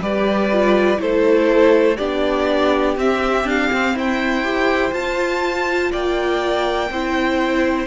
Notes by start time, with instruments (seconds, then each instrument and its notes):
0.00 cello G3, viola G4, violin B4 D5
0.53 viola F4
0.97 cello A3, viola E4, violin A4 C5
1.97 cello B3, viola D4, violin G4 D5
2.97 cello C4, viola C4, violin E5
3.45 cello D4, violin F5
3.73 cello C4
3.94 cello E4, violin C5 G5
4.44 viola G4
4.91 viola F4, cello F4, violin A5
5.91 cello A#3, violin D5 G5
6.90 cello C4, viola E4, violin C5